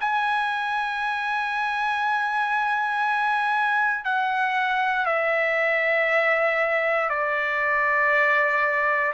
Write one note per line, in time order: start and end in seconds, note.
0.00 4.04 G#5
4.04 5.06 F#5
5.06 7.09 E5
7.10 9.13 D5